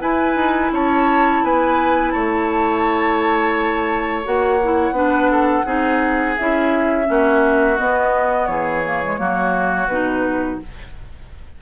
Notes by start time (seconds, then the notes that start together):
0.00 E4 B4 G#5
0.35 D#4
0.71 C#4 C#5 A5
1.43 B3 B4 G#5
2.11 A3 C#5 A5
4.24 A#3 F#4 F#5
4.63 E4
4.91 B3 D4 B4
5.31 A4
5.65 C4 D#4 G#4
6.37 C#4 E4 E5
7.05 A#3 C#4 F#4
7.77 B3 D#5
8.46 E3 G#4 C#5
8.85 A#3
9.04 G#3
9.18 F#3 A#3 F#4
9.87 B2 D#4 B4